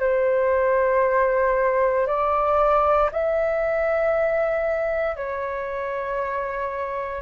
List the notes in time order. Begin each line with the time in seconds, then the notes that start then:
0.00 C5
2.07 D5
3.12 E5
5.17 C#5